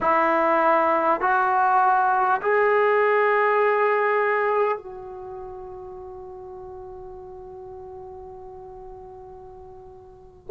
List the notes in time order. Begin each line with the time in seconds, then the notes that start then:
0.01 E4
1.20 F#4
2.41 G#4
4.77 F#4